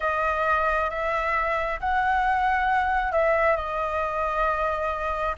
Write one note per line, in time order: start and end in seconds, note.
0.00 0.90 D#5
0.90 1.79 E5
1.80 3.12 F#5
3.12 3.56 E5
3.56 5.35 D#5